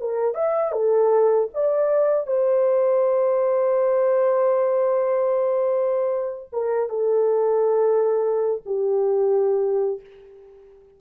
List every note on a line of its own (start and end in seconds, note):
0.00 0.34 A#4
0.34 0.72 E5
0.72 1.49 A4
1.54 2.27 D5
2.27 6.50 C5
6.52 6.89 A#4
6.89 8.62 A4
8.66 10.00 G4